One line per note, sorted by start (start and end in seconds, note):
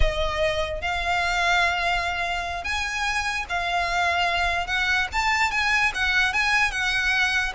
0.00 0.81 D#5
0.81 2.63 F5
2.63 3.45 G#5
3.49 4.66 F5
4.66 5.07 F#5
5.12 5.51 A5
5.51 5.92 G#5
5.94 6.33 F#5
6.33 6.71 G#5
6.71 7.53 F#5